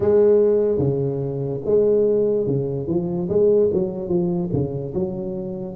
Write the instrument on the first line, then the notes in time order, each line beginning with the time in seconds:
tuba
0.00 G#3
0.78 C#3
1.64 G#3
2.47 C#3
2.87 F3
3.29 G#3
3.72 F#3
4.08 F3
4.52 C#3
4.94 F#3